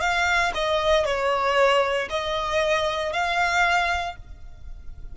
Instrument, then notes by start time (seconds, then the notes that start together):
violin
0.00 F5
0.54 D#5
1.05 C#5
2.10 D#5
3.13 F5